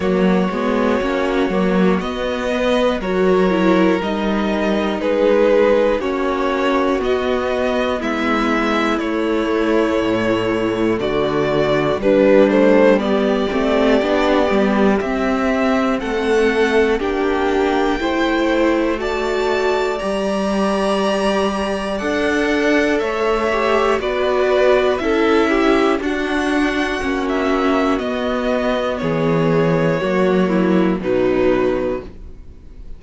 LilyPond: <<
  \new Staff \with { instrumentName = "violin" } { \time 4/4 \tempo 4 = 60 cis''2 dis''4 cis''4 | dis''4 b'4 cis''4 dis''4 | e''4 cis''2 d''4 | b'8 c''8 d''2 e''4 |
fis''4 g''2 a''4 | ais''2 fis''4 e''4 | d''4 e''4 fis''4~ fis''16 e''8. | dis''4 cis''2 b'4 | }
  \new Staff \with { instrumentName = "violin" } { \time 4/4 fis'2~ fis'8 b'8 ais'4~ | ais'4 gis'4 fis'2 | e'2. fis'4 | d'4 g'2. |
a'4 g'4 c''4 d''4~ | d''2. cis''4 | b'4 a'8 g'8 fis'2~ | fis'4 gis'4 fis'8 e'8 dis'4 | }
  \new Staff \with { instrumentName = "viola" } { \time 4/4 ais8 b8 cis'8 ais8 b4 fis'8 e'8 | dis'2 cis'4 b4~ | b4 a2. | g8 a8 b8 c'8 d'8 b8 c'4~ |
c'4 d'4 e'4 fis'4 | g'2 a'4. g'8 | fis'4 e'4 d'4 cis'4 | b2 ais4 fis4 | }
  \new Staff \with { instrumentName = "cello" } { \time 4/4 fis8 gis8 ais8 fis8 b4 fis4 | g4 gis4 ais4 b4 | gis4 a4 a,4 d4 | g4. a8 b8 g8 c'4 |
a4 ais4 a2 | g2 d'4 a4 | b4 cis'4 d'4 ais4 | b4 e4 fis4 b,4 | }
>>